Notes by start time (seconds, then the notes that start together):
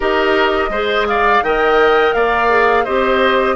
0.00 D#4 G4 A#4 D#5
0.69 G#3 G#4 C5
1.07 D5 F5
1.42 D#3 A#4 D#5 G5
2.13 A#3 D5 F5
2.49 G#4
2.84 C4 G4 C5 D#5